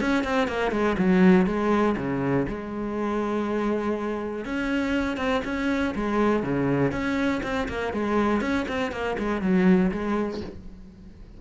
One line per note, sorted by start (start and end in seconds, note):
0.00 0.23 C#4
0.23 0.48 C4
0.48 0.71 A#3
0.71 0.96 G#3
0.98 1.46 F#3
1.46 1.95 G#3
1.97 2.46 C#3
2.48 4.45 G#3
4.45 5.17 C#4
5.17 5.41 C4
5.44 5.94 C#4
5.94 6.43 G#3
6.43 6.92 C#3
6.92 7.41 C#4
7.42 7.67 C4
7.68 7.93 A#3
7.93 8.41 G#3
8.41 8.66 C#4
8.68 8.91 C4
8.91 9.16 A#3
9.18 9.41 G#3
9.41 9.90 F#3
9.91 10.40 G#3